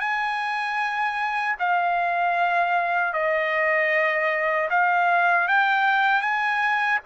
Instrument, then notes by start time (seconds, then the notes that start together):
trumpet
0.00 G#5
1.59 F5
3.13 D#5
4.70 F5
5.48 G5
6.22 G#5